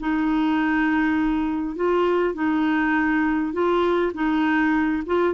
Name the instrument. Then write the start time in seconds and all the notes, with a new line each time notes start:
clarinet
0.00 D#4
1.76 F4
2.35 D#4
3.53 F4
4.14 D#4
5.07 F4